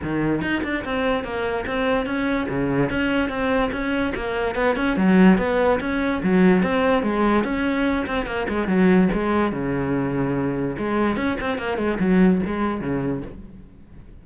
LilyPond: \new Staff \with { instrumentName = "cello" } { \time 4/4 \tempo 4 = 145 dis4 dis'8 d'8 c'4 ais4 | c'4 cis'4 cis4 cis'4 | c'4 cis'4 ais4 b8 cis'8 | fis4 b4 cis'4 fis4 |
c'4 gis4 cis'4. c'8 | ais8 gis8 fis4 gis4 cis4~ | cis2 gis4 cis'8 c'8 | ais8 gis8 fis4 gis4 cis4 | }